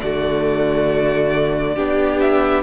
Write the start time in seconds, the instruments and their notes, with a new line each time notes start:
0.00 cello D3, viola A3, violin F#4 D5
1.75 cello B3, viola D4, violin G4
2.20 violin E5